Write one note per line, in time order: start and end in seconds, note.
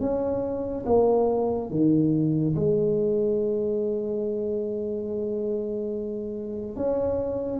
0.00 0.85 C#4
0.85 1.70 A#3
1.70 2.55 D#3
2.55 6.76 G#3
6.76 7.60 C#4